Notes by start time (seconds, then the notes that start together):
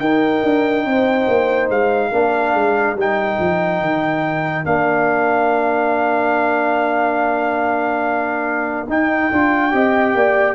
0.00 D#4 A#4 G5
0.43 D4
0.85 C4 C5
1.28 A#3
1.69 G#3 F5
2.11 A#3 D4 A#4
2.54 G#3
2.95 G3 D#4 G5
3.39 F3
3.81 D#3
4.64 A#3 D4 F5
8.88 D#4 G5
9.32 D4 F4
9.71 C4 G4 D#5
10.15 A#3 D5